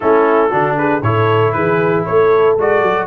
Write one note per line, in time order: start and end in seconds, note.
0.00 0.52 A3
0.00 0.50 C#4
0.00 0.50 E4
0.00 0.76 A4
0.50 1.02 D3
0.50 1.01 D4
0.50 0.75 F#4
0.78 1.04 G#4
0.78 1.02 B4
1.02 1.53 A2
1.02 2.57 E4
1.02 1.54 A4
1.02 1.52 C#5
1.52 2.06 E3
1.52 2.05 G#4
1.52 2.03 B4
2.05 2.57 A3
2.05 3.06 A4
2.05 2.57 C#5
2.57 2.81 G#3
2.57 3.06 F#4
2.57 3.06 D5
2.81 3.06 F#3